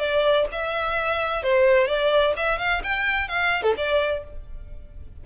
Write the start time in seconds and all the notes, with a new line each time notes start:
0.00 D5
0.52 E5
1.43 C5
1.88 D5
2.37 E5
2.59 F5
2.84 G5
3.29 F5
3.63 A4
3.78 D5